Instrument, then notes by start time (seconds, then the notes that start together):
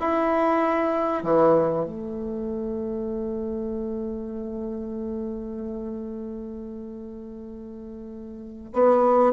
bassoon
0.00 E4
1.23 E3
1.86 A3
8.73 B3